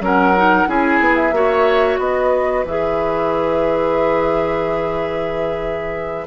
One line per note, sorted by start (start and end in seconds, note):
0.00 0.66 F#3
0.00 0.34 C#4
0.00 0.69 A#4
0.00 0.71 F#5
0.36 0.67 D#4
0.67 1.00 C#4
0.67 1.33 E4
0.67 1.34 G#4
0.67 1.16 G#5
1.00 1.31 B3
1.16 1.98 E5
1.31 1.97 A#3
1.31 2.65 F#4
1.31 2.00 C#5
1.98 2.64 B3
1.98 6.27 B4
1.98 2.65 D#5
2.64 6.27 E3
2.64 6.27 G#4
2.64 6.27 E5